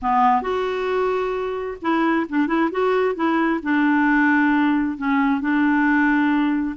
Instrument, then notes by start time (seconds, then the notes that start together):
clarinet
0.02 B3
0.42 F#4
1.81 E4
2.29 D4
2.47 E4
2.71 F#4
3.15 E4
3.63 D4
4.97 C#4
5.40 D4